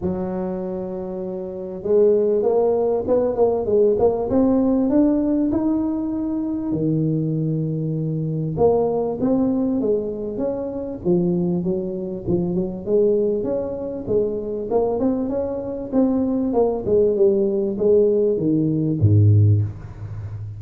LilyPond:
\new Staff \with { instrumentName = "tuba" } { \time 4/4 \tempo 4 = 98 fis2. gis4 | ais4 b8 ais8 gis8 ais8 c'4 | d'4 dis'2 dis4~ | dis2 ais4 c'4 |
gis4 cis'4 f4 fis4 | f8 fis8 gis4 cis'4 gis4 | ais8 c'8 cis'4 c'4 ais8 gis8 | g4 gis4 dis4 gis,4 | }